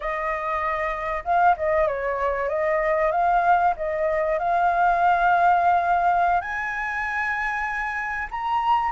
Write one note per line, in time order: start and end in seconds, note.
0.00 1.23 D#5
1.24 1.55 F5
1.56 1.87 D#5
1.87 2.49 C#5
2.49 3.11 D#5
3.11 3.74 F5
3.76 4.38 D#5
4.38 6.40 F5
6.40 8.28 G#5
8.30 8.91 A#5